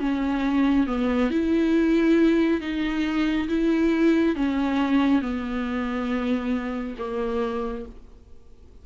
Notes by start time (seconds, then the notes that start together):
0.00 C#4
0.87 B3
1.31 E4
2.61 D#4
3.49 E4
4.36 C#4
5.22 B3
6.99 A#3